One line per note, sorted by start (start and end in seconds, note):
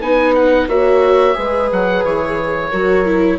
0.00 0.68 B3
0.00 0.69 D#4
0.00 0.67 B4
0.00 0.35 G#5
0.35 0.69 F#5
0.68 1.35 A#3
0.68 1.34 F#4
0.68 1.37 C#5
0.68 1.70 E5
1.34 1.71 G#3
1.34 2.69 G#4
1.34 2.71 B4
1.72 2.04 F#3
1.72 2.05 F#5
2.04 2.71 E3
2.04 3.39 C#5
2.71 3.39 F#3
2.71 3.06 F#4
2.71 3.38 A#4
3.06 3.39 E4